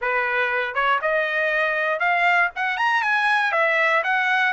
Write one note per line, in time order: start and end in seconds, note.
0.01 0.74 B4
0.74 0.99 C#5
1.01 1.99 D#5
1.99 2.50 F5
2.55 2.77 F#5
2.77 3.02 A#5
3.02 3.52 G#5
3.52 4.02 E5
4.03 4.53 F#5